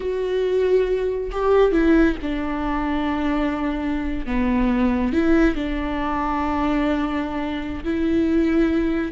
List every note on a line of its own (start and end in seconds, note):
0.00 1.30 F#4
1.31 1.72 G4
1.72 2.15 E4
2.22 4.25 D4
4.25 5.12 B3
5.12 5.55 E4
5.55 7.83 D4
7.84 9.12 E4